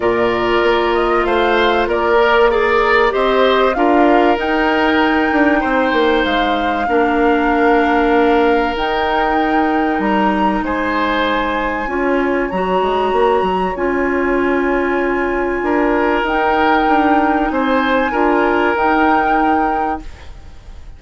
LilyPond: <<
  \new Staff \with { instrumentName = "flute" } { \time 4/4 \tempo 4 = 96 d''4. dis''8 f''4 d''4 | ais'4 dis''4 f''4 g''4~ | g''2 f''2~ | f''2 g''2 |
ais''4 gis''2. | ais''2 gis''2~ | gis''2 g''2 | gis''2 g''2 | }
  \new Staff \with { instrumentName = "oboe" } { \time 4/4 ais'2 c''4 ais'4 | d''4 c''4 ais'2~ | ais'4 c''2 ais'4~ | ais'1~ |
ais'4 c''2 cis''4~ | cis''1~ | cis''4 ais'2. | c''4 ais'2. | }
  \new Staff \with { instrumentName = "clarinet" } { \time 4/4 f'2.~ f'8 ais'8 | gis'4 g'4 f'4 dis'4~ | dis'2. d'4~ | d'2 dis'2~ |
dis'2. f'4 | fis'2 f'2~ | f'2 dis'2~ | dis'4 f'4 dis'2 | }
  \new Staff \with { instrumentName = "bassoon" } { \time 4/4 ais,4 ais4 a4 ais4~ | ais4 c'4 d'4 dis'4~ | dis'8 d'8 c'8 ais8 gis4 ais4~ | ais2 dis'2 |
g4 gis2 cis'4 | fis8 gis8 ais8 fis8 cis'2~ | cis'4 d'4 dis'4 d'4 | c'4 d'4 dis'2 | }
>>